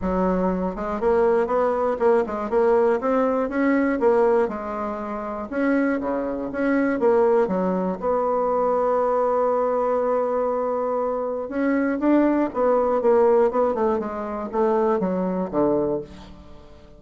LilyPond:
\new Staff \with { instrumentName = "bassoon" } { \time 4/4 \tempo 4 = 120 fis4. gis8 ais4 b4 | ais8 gis8 ais4 c'4 cis'4 | ais4 gis2 cis'4 | cis4 cis'4 ais4 fis4 |
b1~ | b2. cis'4 | d'4 b4 ais4 b8 a8 | gis4 a4 fis4 d4 | }